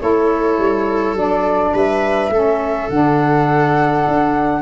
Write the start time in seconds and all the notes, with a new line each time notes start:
0.00 A3 E4 A4 C#5
0.59 G3
1.14 F#3 D4 D5
1.74 G3 B4 E5
2.30 A3 C#4 A4
2.90 D3 D4 F#5
4.08 D4